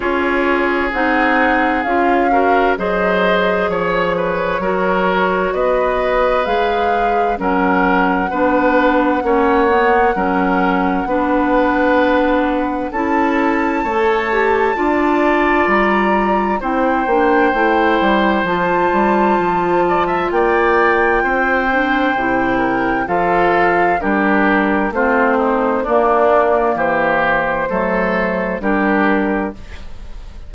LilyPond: <<
  \new Staff \with { instrumentName = "flute" } { \time 4/4 \tempo 4 = 65 cis''4 fis''4 f''4 dis''4 | cis''2 dis''4 f''4 | fis''1~ | fis''2 a''2~ |
a''4 ais''4 g''2 | a''2 g''2~ | g''4 f''4 ais'4 c''4 | d''4 c''2 ais'4 | }
  \new Staff \with { instrumentName = "oboe" } { \time 4/4 gis'2~ gis'8 ais'8 c''4 | cis''8 b'8 ais'4 b'2 | ais'4 b'4 cis''4 ais'4 | b'2 a'4 cis''4 |
d''2 c''2~ | c''4. d''16 e''16 d''4 c''4~ | c''8 ais'8 a'4 g'4 f'8 dis'8 | d'4 g'4 a'4 g'4 | }
  \new Staff \with { instrumentName = "clarinet" } { \time 4/4 f'4 dis'4 f'8 fis'8 gis'4~ | gis'4 fis'2 gis'4 | cis'4 d'4 cis'8 b8 cis'4 | d'2 e'4 a'8 g'8 |
f'2 e'8 d'8 e'4 | f'2.~ f'8 d'8 | e'4 f'4 d'4 c'4 | ais2 a4 d'4 | }
  \new Staff \with { instrumentName = "bassoon" } { \time 4/4 cis'4 c'4 cis'4 fis4 | f4 fis4 b4 gis4 | fis4 b4 ais4 fis4 | b2 cis'4 a4 |
d'4 g4 c'8 ais8 a8 g8 | f8 g8 f4 ais4 c'4 | c4 f4 g4 a4 | ais4 e4 fis4 g4 | }
>>